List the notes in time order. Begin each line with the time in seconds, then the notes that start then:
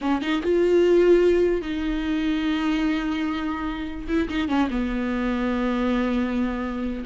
0.01 C#4
0.21 D#4
0.42 F4
1.61 D#4
4.08 E4
4.29 D#4
4.48 C#4
4.70 B3